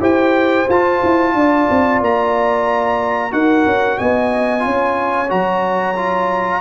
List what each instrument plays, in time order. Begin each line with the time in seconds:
0.00 tuba E4, trombone G4, horn C5, trumpet G5
0.69 tuba F4, trombone F4, trumpet A5
1.03 tuba E4
1.34 tuba D4, horn D5
1.70 tuba C4
2.01 tuba A#3, trumpet A#5
3.30 tuba D#4, trombone F#4, horn A#4, trumpet F#5
3.66 tuba C#4
3.98 tuba B3, horn D#5, trumpet G#5
4.59 tuba C#4, trombone F4, horn C#5
5.29 tuba F#3, trombone F#4, trumpet A#5
5.96 trombone F4